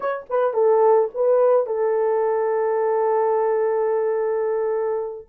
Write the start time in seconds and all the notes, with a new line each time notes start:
0.00 C#5
0.29 B4
0.53 A4
1.14 B4
1.66 A4